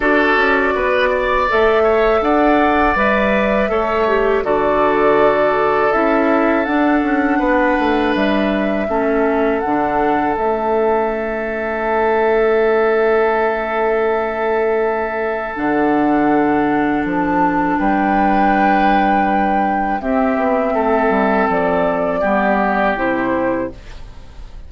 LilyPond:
<<
  \new Staff \with { instrumentName = "flute" } { \time 4/4 \tempo 4 = 81 d''2 e''4 fis''4 | e''2 d''2 | e''4 fis''2 e''4~ | e''4 fis''4 e''2~ |
e''1~ | e''4 fis''2 a''4 | g''2. e''4~ | e''4 d''2 c''4 | }
  \new Staff \with { instrumentName = "oboe" } { \time 4/4 a'4 b'8 d''4 cis''8 d''4~ | d''4 cis''4 a'2~ | a'2 b'2 | a'1~ |
a'1~ | a'1 | b'2. g'4 | a'2 g'2 | }
  \new Staff \with { instrumentName = "clarinet" } { \time 4/4 fis'2 a'2 | b'4 a'8 g'8 fis'2 | e'4 d'2. | cis'4 d'4 cis'2~ |
cis'1~ | cis'4 d'2.~ | d'2. c'4~ | c'2 b4 e'4 | }
  \new Staff \with { instrumentName = "bassoon" } { \time 4/4 d'8 cis'8 b4 a4 d'4 | g4 a4 d2 | cis'4 d'8 cis'8 b8 a8 g4 | a4 d4 a2~ |
a1~ | a4 d2 f4 | g2. c'8 b8 | a8 g8 f4 g4 c4 | }
>>